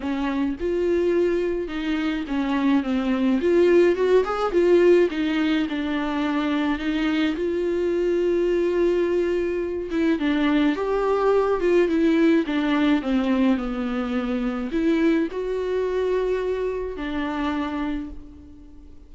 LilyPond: \new Staff \with { instrumentName = "viola" } { \time 4/4 \tempo 4 = 106 cis'4 f'2 dis'4 | cis'4 c'4 f'4 fis'8 gis'8 | f'4 dis'4 d'2 | dis'4 f'2.~ |
f'4. e'8 d'4 g'4~ | g'8 f'8 e'4 d'4 c'4 | b2 e'4 fis'4~ | fis'2 d'2 | }